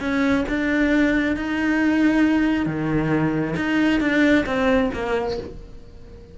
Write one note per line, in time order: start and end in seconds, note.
0.00 0.44 C#4
0.48 1.36 D4
1.36 2.66 D#4
2.66 3.55 D#3
3.56 4.00 D#4
4.00 4.45 D4
4.46 4.90 C4
4.93 5.38 A#3